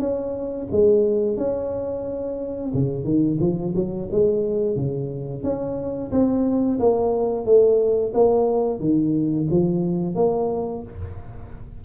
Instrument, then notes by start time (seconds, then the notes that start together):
tuba
0.00 C#4
0.72 G#3
1.38 C#4
2.74 C#3
3.05 D#3
3.41 F3
3.76 F#3
4.12 G#3
4.77 C#3
5.44 C#4
6.12 C4
6.80 A#3
7.46 A3
8.14 A#3
8.80 D#3
9.51 F3
10.16 A#3